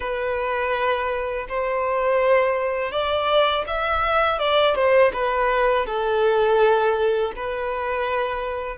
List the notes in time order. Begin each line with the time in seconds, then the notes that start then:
0.00 B4
1.48 C5
2.91 D5
3.67 E5
4.39 D5
4.75 C5
5.13 B4
5.85 A4
7.36 B4